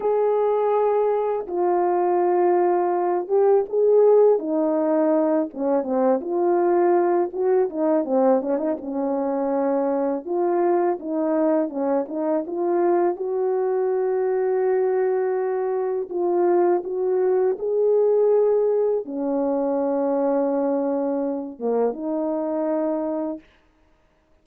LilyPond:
\new Staff \with { instrumentName = "horn" } { \time 4/4 \tempo 4 = 82 gis'2 f'2~ | f'8 g'8 gis'4 dis'4. cis'8 | c'8 f'4. fis'8 dis'8 c'8 cis'16 dis'16 | cis'2 f'4 dis'4 |
cis'8 dis'8 f'4 fis'2~ | fis'2 f'4 fis'4 | gis'2 cis'2~ | cis'4. ais8 dis'2 | }